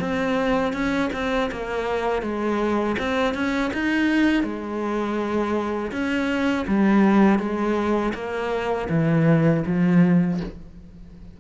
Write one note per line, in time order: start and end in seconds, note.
0.00 0.73 C4
0.73 1.10 C#4
1.13 1.50 C4
1.52 2.22 A#3
2.22 2.96 G#3
2.98 3.34 C4
3.34 3.71 C#4
3.73 4.43 D#4
4.43 5.92 G#3
5.92 6.66 C#4
6.67 7.39 G3
7.39 8.13 G#3
8.14 8.88 A#3
8.90 9.64 E3
9.66 10.40 F3